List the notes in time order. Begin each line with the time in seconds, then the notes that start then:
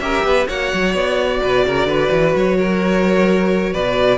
0.00 C#4 G4 A#4 E5
0.24 B3 B4
0.48 A#3 F#4 C#5 F#5
0.73 F#3
0.94 B3 D5
1.43 B2 B4
1.66 C#3 A#4
1.86 D3 B4
2.11 E3
2.36 F#3 C#5
2.58 A#4
3.73 B2 B4 D5